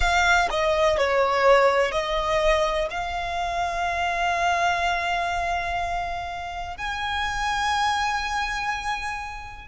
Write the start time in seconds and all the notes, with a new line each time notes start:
0.00 F5
0.50 D#5
0.97 C#5
1.91 D#5
2.90 F5
6.77 G#5